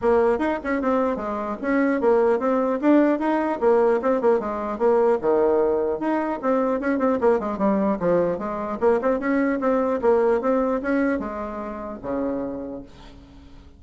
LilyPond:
\new Staff \with { instrumentName = "bassoon" } { \time 4/4 \tempo 4 = 150 ais4 dis'8 cis'8 c'4 gis4 | cis'4 ais4 c'4 d'4 | dis'4 ais4 c'8 ais8 gis4 | ais4 dis2 dis'4 |
c'4 cis'8 c'8 ais8 gis8 g4 | f4 gis4 ais8 c'8 cis'4 | c'4 ais4 c'4 cis'4 | gis2 cis2 | }